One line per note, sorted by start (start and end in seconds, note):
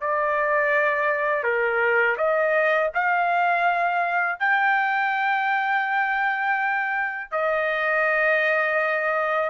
0.00 1.43 D5
1.43 2.16 A#4
2.17 2.90 D#5
2.94 4.39 F5
4.39 7.31 G5
7.31 9.49 D#5